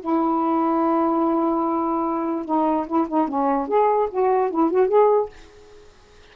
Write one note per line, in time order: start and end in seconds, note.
0.00 2.45 E4
2.45 2.86 D#4
2.86 3.07 E4
3.08 3.27 D#4
3.27 3.68 C#4
3.68 4.09 G#4
4.10 4.50 F#4
4.50 4.71 E4
4.71 4.88 F#4
4.88 5.29 G#4